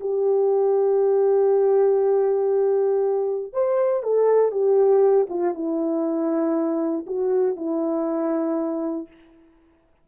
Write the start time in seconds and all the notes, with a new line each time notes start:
0.00 G4
3.53 C5
4.03 A4
4.51 G4
5.29 F4
5.54 E4
7.06 F#4
7.56 E4